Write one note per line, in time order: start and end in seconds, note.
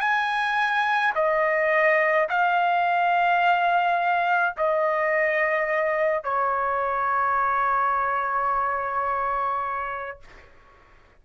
0.00 1.13 G#5
1.15 2.28 D#5
2.29 4.55 F5
4.57 6.24 D#5
6.24 10.20 C#5